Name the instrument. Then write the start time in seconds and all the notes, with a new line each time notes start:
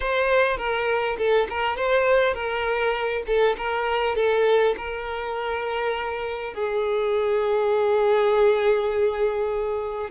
violin
0.00 C5
0.57 A#4
1.17 A4
1.49 A#4
1.76 C5
2.34 A#4
3.26 A4
3.57 A#4
4.15 A4
4.77 A#4
6.54 G#4